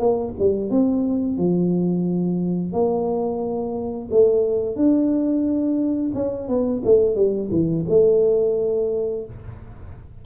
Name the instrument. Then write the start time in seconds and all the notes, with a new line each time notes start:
tuba
0.00 A#3
0.39 G3
0.71 C4
1.38 F3
2.73 A#3
4.12 A3
4.76 D4
6.15 C#4
6.49 B3
6.85 A3
7.16 G3
7.52 E3
7.90 A3